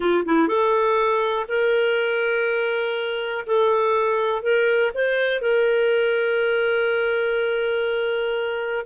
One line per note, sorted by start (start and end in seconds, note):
0.00 0.23 F4
0.25 0.48 E4
0.48 1.46 A4
1.48 3.45 A#4
3.46 4.42 A4
4.42 4.91 A#4
4.94 5.41 C5
5.41 8.85 A#4